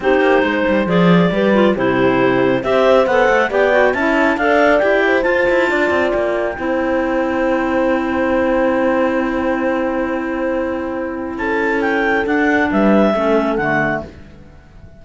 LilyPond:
<<
  \new Staff \with { instrumentName = "clarinet" } { \time 4/4 \tempo 4 = 137 c''2 d''2 | c''2 e''4 fis''4 | g''4 a''4 f''4 g''4 | a''2 g''2~ |
g''1~ | g''1~ | g''2 a''4 g''4 | fis''4 e''2 fis''4 | }
  \new Staff \with { instrumentName = "horn" } { \time 4/4 g'4 c''2 b'4 | g'2 c''2 | d''4 e''4 d''4. c''8~ | c''4 d''2 c''4~ |
c''1~ | c''1~ | c''2 a'2~ | a'4 b'4 a'2 | }
  \new Staff \with { instrumentName = "clarinet" } { \time 4/4 dis'2 gis'4 g'8 f'8 | e'2 g'4 a'4 | g'8 fis'8 e'4 a'4 g'4 | f'2. e'4~ |
e'1~ | e'1~ | e'1 | d'2 cis'4 a4 | }
  \new Staff \with { instrumentName = "cello" } { \time 4/4 c'8 ais8 gis8 g8 f4 g4 | c2 c'4 b8 a8 | b4 cis'4 d'4 e'4 | f'8 e'8 d'8 c'8 ais4 c'4~ |
c'1~ | c'1~ | c'2 cis'2 | d'4 g4 a4 d4 | }
>>